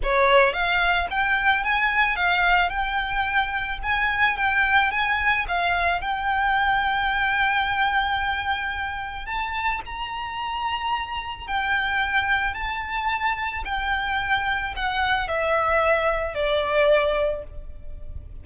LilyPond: \new Staff \with { instrumentName = "violin" } { \time 4/4 \tempo 4 = 110 cis''4 f''4 g''4 gis''4 | f''4 g''2 gis''4 | g''4 gis''4 f''4 g''4~ | g''1~ |
g''4 a''4 ais''2~ | ais''4 g''2 a''4~ | a''4 g''2 fis''4 | e''2 d''2 | }